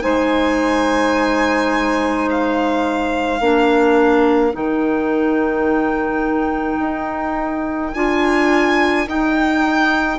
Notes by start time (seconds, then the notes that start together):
0.00 G#3 D#4 C5 G#5
2.31 F5
3.40 A#3 D4 A#4
4.52 D#3 D#4 G5
6.79 D#4
7.95 D4 F4 G#5
9.07 D#4 G5